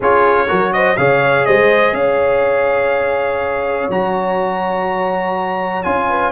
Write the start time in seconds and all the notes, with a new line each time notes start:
0.00 C#4 F4 G#4 C#5
0.47 F#3 F#4 A#4
0.72 C5 D#5
0.97 C#3 G#4 C#5 F5
1.45 G#3 C5 D#5
1.92 C#4 C#5 F5
3.89 F#3 F#4 A#5
5.83 C#4 F4 G#5
6.08 B4